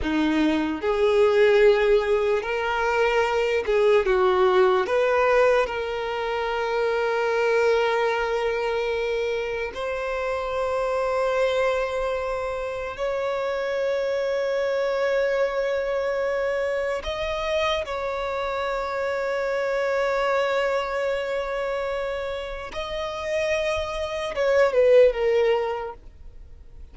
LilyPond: \new Staff \with { instrumentName = "violin" } { \time 4/4 \tempo 4 = 74 dis'4 gis'2 ais'4~ | ais'8 gis'8 fis'4 b'4 ais'4~ | ais'1 | c''1 |
cis''1~ | cis''4 dis''4 cis''2~ | cis''1 | dis''2 cis''8 b'8 ais'4 | }